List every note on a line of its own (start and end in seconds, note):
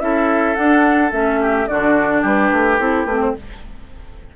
0.00 0.56 C#4
0.00 0.56 E4
0.00 1.41 A4
0.00 0.56 E5
0.56 1.11 D4
0.56 1.12 D4
0.56 1.11 F#5
1.12 1.68 A3
1.12 1.68 C#4
1.12 1.68 E5
1.41 1.69 G4
1.68 2.24 D3
1.68 2.80 D4
1.68 2.22 F#4
1.68 2.23 D5
2.22 2.51 G3
2.22 3.33 G4
2.22 2.80 B4
2.52 2.80 A3
2.80 3.05 C4
2.80 3.08 E4
2.80 3.05 A4
3.05 3.33 A3
3.05 3.36 C4
3.05 3.19 B4
3.22 3.36 C5